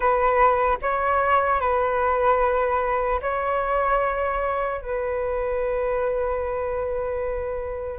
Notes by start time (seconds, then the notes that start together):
0.00 B4
0.82 C#5
1.60 B4
3.21 C#5
4.81 B4